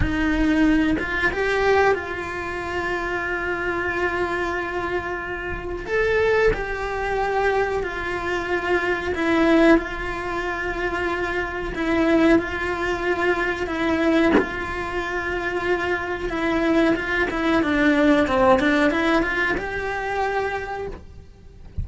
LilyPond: \new Staff \with { instrumentName = "cello" } { \time 4/4 \tempo 4 = 92 dis'4. f'8 g'4 f'4~ | f'1~ | f'4 a'4 g'2 | f'2 e'4 f'4~ |
f'2 e'4 f'4~ | f'4 e'4 f'2~ | f'4 e'4 f'8 e'8 d'4 | c'8 d'8 e'8 f'8 g'2 | }